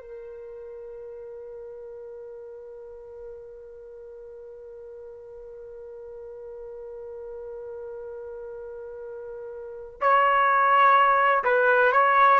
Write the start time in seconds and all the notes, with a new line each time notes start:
0.00 A#4
10.01 C#5
11.44 B4
11.92 C#5